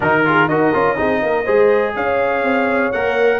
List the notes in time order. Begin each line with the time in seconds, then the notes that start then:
0.00 D#3 D#4 F#4 A#4
0.25 F4 G#4
0.47 D#4 F#4 A#4 D#5
0.73 C#4 F4
0.96 C4 D#4 G#4
1.22 A#3 A#4
1.44 G#3 G#4 C5
1.95 C#4 C#5 F5
2.43 C4
2.91 A#3 A#4 F#5